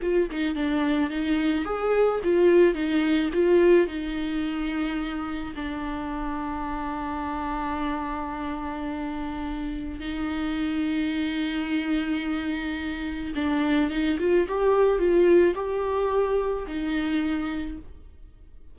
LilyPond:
\new Staff \with { instrumentName = "viola" } { \time 4/4 \tempo 4 = 108 f'8 dis'8 d'4 dis'4 gis'4 | f'4 dis'4 f'4 dis'4~ | dis'2 d'2~ | d'1~ |
d'2 dis'2~ | dis'1 | d'4 dis'8 f'8 g'4 f'4 | g'2 dis'2 | }